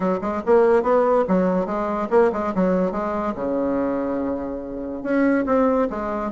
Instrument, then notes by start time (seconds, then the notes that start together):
bassoon
0.00 F#3
0.21 G#3
0.45 A#3
0.83 B3
1.28 F#3
1.66 G#3
2.10 A#3
2.32 G#3
2.54 F#3
2.91 G#3
3.35 C#3
5.03 C#4
5.45 C4
5.90 G#3